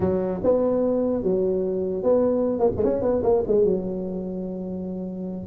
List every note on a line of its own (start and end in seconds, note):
0.00 0.41 F#3
0.43 1.22 B3
1.22 2.03 F#3
2.03 2.59 B3
2.59 2.69 A#3
2.77 2.84 G#3
2.84 3.02 C#4
3.02 3.22 B3
3.23 3.43 A#3
3.47 3.64 G#3
3.64 5.46 F#3